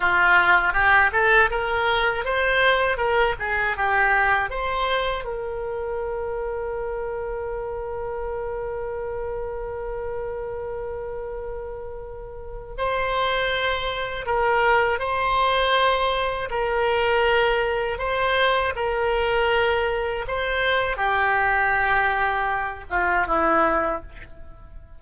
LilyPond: \new Staff \with { instrumentName = "oboe" } { \time 4/4 \tempo 4 = 80 f'4 g'8 a'8 ais'4 c''4 | ais'8 gis'8 g'4 c''4 ais'4~ | ais'1~ | ais'1~ |
ais'4 c''2 ais'4 | c''2 ais'2 | c''4 ais'2 c''4 | g'2~ g'8 f'8 e'4 | }